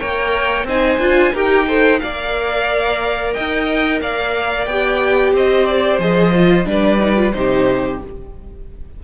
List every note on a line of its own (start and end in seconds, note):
0.00 0.64 A#3
0.00 0.67 A#4
0.00 0.67 C#5
0.00 0.67 G5
0.64 0.98 C4
0.64 1.01 D#4
0.64 1.33 C5
0.64 1.36 G#5
1.00 1.33 D4
1.00 1.34 F4
1.33 2.01 D#4
1.33 1.68 G4
1.33 1.66 A#4
1.33 2.00 G5
1.68 2.02 A4
1.68 2.01 C5
2.00 3.37 A#3
2.00 4.70 A#4
2.00 3.34 D5
2.00 3.33 F5
3.34 4.01 D#4
3.34 4.00 D#5
3.34 4.00 G5
4.01 4.67 A#3
4.01 5.34 D5
4.01 4.66 F5
4.66 5.33 B3
4.66 6.00 G4
4.66 5.32 G5
5.33 5.99 C4
5.33 6.67 C5
5.33 5.67 D#5
5.67 6.00 D5
5.99 6.66 F3
5.99 6.34 G#4
5.99 6.68 D#5
6.36 6.66 F4
6.66 7.33 G3
6.66 6.99 D4
6.66 7.36 B4
6.66 7.33 D5
7.00 7.16 D#4
7.16 7.33 F4
7.33 8.02 C3
7.33 8.01 D#4
7.33 8.04 G4
7.33 8.00 C5